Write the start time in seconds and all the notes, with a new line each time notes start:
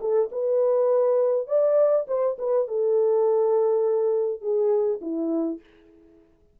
0.00 A4
0.31 B4
1.47 D5
2.07 C5
2.38 B4
2.67 A4
4.41 G#4
5.01 E4